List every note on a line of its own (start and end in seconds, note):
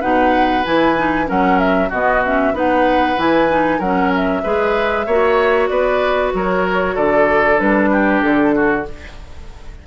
0.00 0.65 B2
0.00 0.64 D#4
0.00 1.26 B4
0.00 0.64 F#5
0.64 1.29 E3
0.64 0.96 E4
0.64 1.28 G#5
0.96 1.25 D#4
1.25 1.91 F#3
1.25 1.89 C#4
1.25 1.89 A#4
1.25 1.58 F#5
1.58 1.90 E5
1.89 2.53 B2
1.89 2.23 B3
1.89 2.52 F#4
1.89 2.24 D#5
2.24 2.53 C#4
2.24 2.56 E5
2.53 3.16 B3
2.53 3.16 D#4
2.53 3.78 B4
2.53 3.19 F#5
3.16 3.79 E3
3.16 3.48 E4
3.16 3.80 G#5
3.49 3.80 D#4
3.78 4.42 F#3
3.78 4.43 C#4
3.78 4.41 A#4
3.78 4.11 F#5
4.15 5.68 E5
4.43 5.06 G#3
4.43 5.06 G#4
4.43 5.06 B4
5.06 5.69 A#3
5.06 7.56 F#4
5.06 5.69 C#5
5.68 6.32 B3
5.68 6.32 B4
5.68 6.31 D5
6.33 6.96 F#3
6.33 6.94 A#4
6.33 6.96 C#5
6.94 7.59 D3
6.94 7.89 A4
6.94 7.59 D5
7.56 8.23 G3
7.56 8.83 D4
7.56 8.21 B4
7.91 8.54 G4
8.21 8.86 D3
8.21 8.84 A4
8.54 8.86 F#4